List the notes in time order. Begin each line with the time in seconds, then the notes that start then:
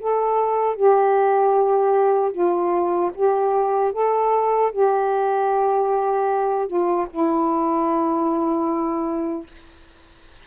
0.00 A4
0.76 G4
2.32 F4
3.14 G4
3.93 A4
4.72 G4
6.67 F4
7.10 E4